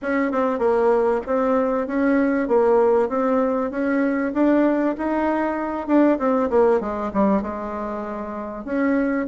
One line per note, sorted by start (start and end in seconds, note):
0.01 0.31 C#4
0.31 0.58 C4
0.58 1.20 A#3
1.26 1.87 C4
1.87 2.48 C#4
2.48 3.08 A#3
3.08 3.70 C4
3.71 4.32 C#4
4.33 4.95 D4
4.97 5.87 D#4
5.87 6.18 D4
6.19 6.49 C4
6.50 6.80 A#3
6.80 7.11 G#3
7.13 7.41 G3
7.41 8.65 G#3
8.65 9.26 C#4